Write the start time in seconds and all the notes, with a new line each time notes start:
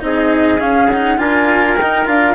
0.00 C4 D#4 D#5
0.06 G#4
0.59 C#4 F5
0.90 D#4 F#5
1.18 D4 F4 A#4 G#5
1.78 D#4 G5
2.05 D4 F4 F5